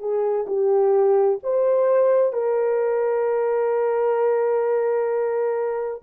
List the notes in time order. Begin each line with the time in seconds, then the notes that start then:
0.00 G#4
0.47 G4
1.44 C5
2.33 A#4